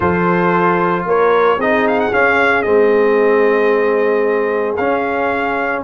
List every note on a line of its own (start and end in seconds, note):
0.00 1.05 F3
0.00 1.59 F4
0.00 1.05 A4
0.00 1.06 C5
1.05 1.57 A#3
1.05 1.58 A#4
1.05 1.60 C#5
1.57 2.10 C4
1.57 2.12 D#4
1.57 5.83 G#4
1.57 1.87 D#5
1.87 2.00 F5
2.00 2.13 F#5
2.12 2.65 C#4
2.12 2.62 F5
2.62 4.77 G#3
2.62 4.77 C4
2.62 4.74 D#5
4.76 5.83 C#4
4.76 5.82 F5